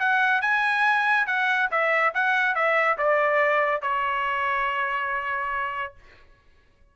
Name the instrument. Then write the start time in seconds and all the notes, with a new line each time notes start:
trumpet
0.00 F#5
0.42 G#5
1.27 F#5
1.71 E5
2.15 F#5
2.56 E5
2.98 D5
3.82 C#5